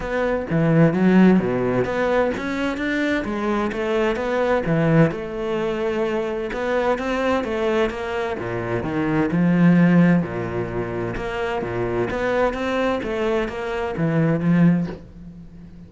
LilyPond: \new Staff \with { instrumentName = "cello" } { \time 4/4 \tempo 4 = 129 b4 e4 fis4 b,4 | b4 cis'4 d'4 gis4 | a4 b4 e4 a4~ | a2 b4 c'4 |
a4 ais4 ais,4 dis4 | f2 ais,2 | ais4 ais,4 b4 c'4 | a4 ais4 e4 f4 | }